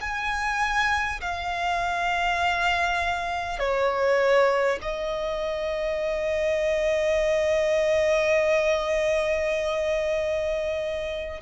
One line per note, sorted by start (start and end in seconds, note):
0.00 1.20 G#5
1.21 3.59 F5
3.59 4.79 C#5
4.81 11.41 D#5